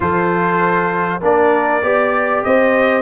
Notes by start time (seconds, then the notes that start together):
0.00 F3 F4 A4 C5
1.20 A#3 D4 A#4 D5
1.82 B3 G4 D5
2.43 C4 C5 D#5